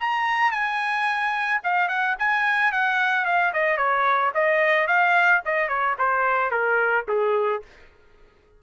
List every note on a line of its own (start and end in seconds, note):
0.00 0.52 A#5
0.52 1.61 G#5
1.64 1.88 F5
1.88 2.16 F#5
2.19 2.72 G#5
2.72 3.25 F#5
3.25 3.52 F5
3.53 3.77 D#5
3.77 4.32 C#5
4.35 4.87 D#5
4.87 5.42 F5
5.45 5.68 D#5
5.68 5.96 C#5
5.98 6.51 C5
6.51 7.05 A#4
7.08 7.62 G#4